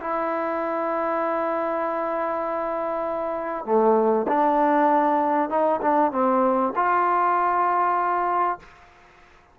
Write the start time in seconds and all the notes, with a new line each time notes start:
0.00 E4
3.65 A3
4.27 D4
5.49 D#4
5.81 D4
6.11 C4
6.75 F4